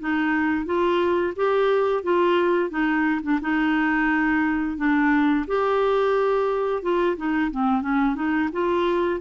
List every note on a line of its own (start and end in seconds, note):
0.00 0.65 D#4
0.65 1.34 F4
1.36 2.03 G4
2.03 2.70 F4
2.70 3.21 D#4
3.23 3.40 D4
3.41 4.77 D#4
4.77 5.45 D4
5.47 6.82 G4
6.82 7.17 F4
7.17 7.51 D#4
7.51 7.82 C4
7.82 8.15 C#4
8.15 8.49 D#4
8.52 9.20 F4